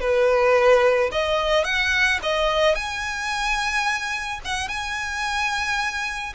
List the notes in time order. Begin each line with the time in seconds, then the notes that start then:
0.00 B4
1.12 D#5
1.64 F#5
2.22 D#5
2.75 G#5
4.44 F#5
4.68 G#5